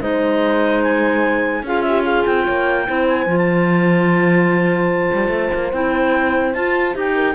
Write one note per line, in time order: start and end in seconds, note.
0.00 1.62 G#3
0.00 1.63 D#4
0.00 1.64 C5
0.00 0.82 D#5
0.83 1.64 G#5
1.62 2.24 C#4
1.62 2.86 F4
1.62 1.85 G#4
1.62 1.81 F5
1.81 2.03 G4
1.81 2.02 E5
2.03 2.43 G#4
2.03 2.24 F5
2.25 2.47 C4
2.25 3.07 G5
2.43 2.88 A#3
2.43 2.84 C#5
2.86 3.26 C4
2.86 3.27 E4
2.86 7.14 C5
3.09 3.37 G#5
3.26 5.10 F3
3.26 5.72 F4
3.37 5.71 A5
5.12 5.28 G3
5.28 5.48 A3
5.54 5.72 A#3
5.72 6.54 C4
5.72 6.54 E4
5.72 6.53 G5
6.53 6.94 F4
6.53 6.94 A5
6.94 7.34 D#4
6.94 7.34 G4
6.94 7.34 G5
7.14 7.34 A#4